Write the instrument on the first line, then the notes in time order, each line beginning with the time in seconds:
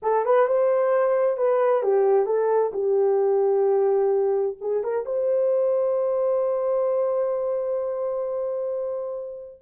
horn
0.02 A4
0.25 B4
0.47 C5
1.37 B4
1.82 G4
2.25 A4
2.73 G4
4.61 G#4
4.83 A#4
5.05 C5